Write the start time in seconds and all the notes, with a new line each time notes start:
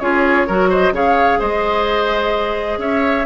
0.00 C#4 F4 G#4 C#5
0.47 F#3 F#4 A#4
0.70 C5 D#5
0.92 C#3 G#4 C#5 F5
1.39 G#3 C5 D#5
2.78 C#4 C#5 E5